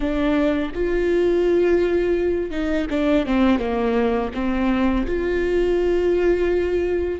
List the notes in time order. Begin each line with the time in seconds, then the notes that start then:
0.00 D4
0.74 F4
2.50 D#4
2.90 D4
3.26 C4
3.58 A#3
4.33 C4
5.06 F4